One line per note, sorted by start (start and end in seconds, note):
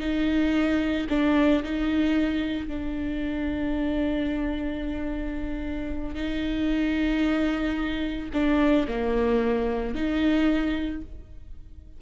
0.00 1.07 D#4
1.09 1.63 D4
1.63 2.67 D#4
2.67 6.15 D4
6.15 8.29 D#4
8.33 8.87 D4
8.88 9.94 A#3
9.94 11.02 D#4